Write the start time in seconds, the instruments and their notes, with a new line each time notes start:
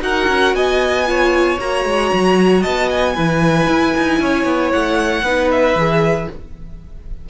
0.00 cello D#4, viola F#4, violin A#4 F#5
0.28 cello C#4
0.53 cello B3, violin D#5 G#5
1.06 viola F4, violin C#5
1.59 cello A#3, viola F#4, violin A#5
1.85 cello G#3
2.13 cello F#3
2.61 cello B3, violin D#5 A5
2.90 violin G#5
3.14 cello E3, viola E4, violin B4
3.68 cello E4
3.97 cello D#4
4.20 cello C#4, violin C#5
4.45 cello B3
4.72 cello A3, violin F#5
5.22 cello B3, viola D#4, violin B4
5.51 violin E5
5.75 cello E3, viola G#4